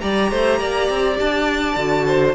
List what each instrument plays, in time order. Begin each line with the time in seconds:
0.00 cello G3, viola G4, violin D5 A#5
0.31 cello A3, violin C5
0.60 cello A#3, violin D5
0.89 cello C4
1.20 cello D4, violin A5
1.76 cello D3, viola F#4
2.07 violin C5